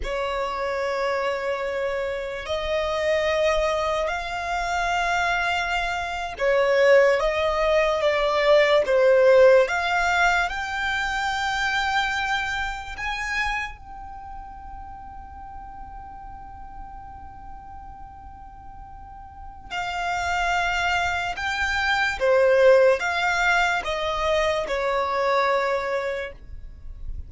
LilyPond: \new Staff \with { instrumentName = "violin" } { \time 4/4 \tempo 4 = 73 cis''2. dis''4~ | dis''4 f''2~ f''8. cis''16~ | cis''8. dis''4 d''4 c''4 f''16~ | f''8. g''2. gis''16~ |
gis''8. g''2.~ g''16~ | g''1 | f''2 g''4 c''4 | f''4 dis''4 cis''2 | }